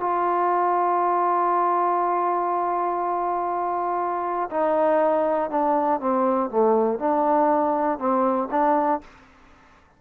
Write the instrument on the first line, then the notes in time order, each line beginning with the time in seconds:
trombone
0.00 F4
4.51 D#4
5.50 D4
6.00 C4
6.50 A3
6.99 D4
7.99 C4
8.51 D4